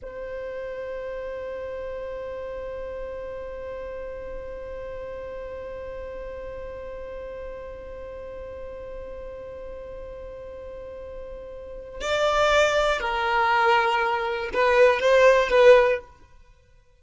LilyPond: \new Staff \with { instrumentName = "violin" } { \time 4/4 \tempo 4 = 120 c''1~ | c''1~ | c''1~ | c''1~ |
c''1~ | c''1 | d''2 ais'2~ | ais'4 b'4 c''4 b'4 | }